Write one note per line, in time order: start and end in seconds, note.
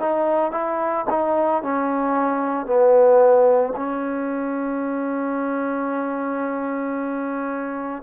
0.00 0.52 D#4
0.52 1.05 E4
1.10 1.63 D#4
1.63 2.66 C#4
2.66 3.74 B3
3.76 8.03 C#4